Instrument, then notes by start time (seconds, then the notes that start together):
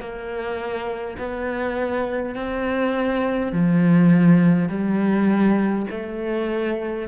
cello
0.00 A#3
1.19 B3
2.36 C4
3.53 F3
4.69 G3
5.91 A3